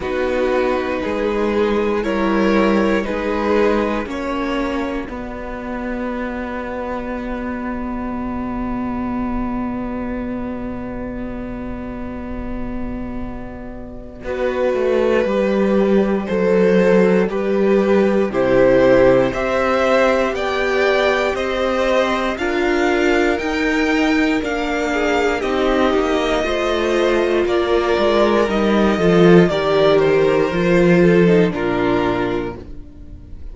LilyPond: <<
  \new Staff \with { instrumentName = "violin" } { \time 4/4 \tempo 4 = 59 b'2 cis''4 b'4 | cis''4 d''2.~ | d''1~ | d''1~ |
d''2 c''4 e''4 | g''4 dis''4 f''4 g''4 | f''4 dis''2 d''4 | dis''4 d''8 c''4. ais'4 | }
  \new Staff \with { instrumentName = "violin" } { \time 4/4 fis'4 gis'4 ais'4 gis'4 | fis'1~ | fis'1~ | fis'2 b'2 |
c''4 b'4 g'4 c''4 | d''4 c''4 ais'2~ | ais'8 gis'8 g'4 c''4 ais'4~ | ais'8 a'8 ais'4. a'8 f'4 | }
  \new Staff \with { instrumentName = "viola" } { \time 4/4 dis'2 e'4 dis'4 | cis'4 b2.~ | b1~ | b2 fis'4 g'4 |
a'4 g'4 e'4 g'4~ | g'2 f'4 dis'4 | d'4 dis'4 f'2 | dis'8 f'8 g'4 f'8. dis'16 d'4 | }
  \new Staff \with { instrumentName = "cello" } { \time 4/4 b4 gis4 g4 gis4 | ais4 b2. | b,1~ | b,2 b8 a8 g4 |
fis4 g4 c4 c'4 | b4 c'4 d'4 dis'4 | ais4 c'8 ais8 a4 ais8 gis8 | g8 f8 dis4 f4 ais,4 | }
>>